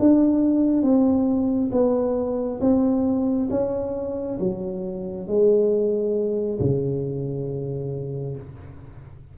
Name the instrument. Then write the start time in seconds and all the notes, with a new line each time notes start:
tuba
0.00 D4
0.83 C4
1.72 B3
2.61 C4
3.51 C#4
4.40 F#3
5.28 G#3
6.60 C#3